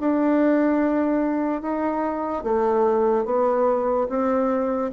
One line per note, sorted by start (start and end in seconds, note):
0.00 1.62 D4
1.62 2.44 D#4
2.44 3.25 A3
3.25 4.07 B3
4.09 4.91 C4